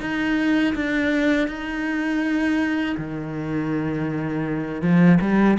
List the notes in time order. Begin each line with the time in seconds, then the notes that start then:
0.00 D#4
0.75 D4
1.47 D#4
2.97 D#3
4.81 F3
5.21 G3